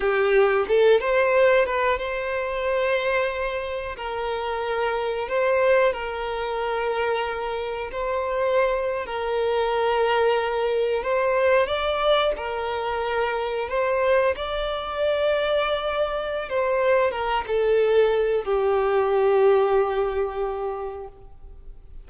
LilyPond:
\new Staff \with { instrumentName = "violin" } { \time 4/4 \tempo 4 = 91 g'4 a'8 c''4 b'8 c''4~ | c''2 ais'2 | c''4 ais'2. | c''4.~ c''16 ais'2~ ais'16~ |
ais'8. c''4 d''4 ais'4~ ais'16~ | ais'8. c''4 d''2~ d''16~ | d''4 c''4 ais'8 a'4. | g'1 | }